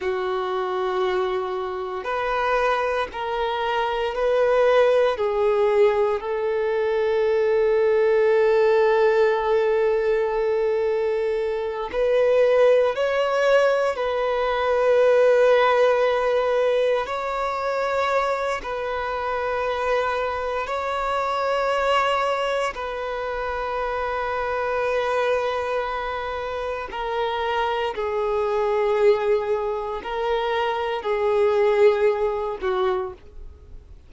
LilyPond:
\new Staff \with { instrumentName = "violin" } { \time 4/4 \tempo 4 = 58 fis'2 b'4 ais'4 | b'4 gis'4 a'2~ | a'2.~ a'8 b'8~ | b'8 cis''4 b'2~ b'8~ |
b'8 cis''4. b'2 | cis''2 b'2~ | b'2 ais'4 gis'4~ | gis'4 ais'4 gis'4. fis'8 | }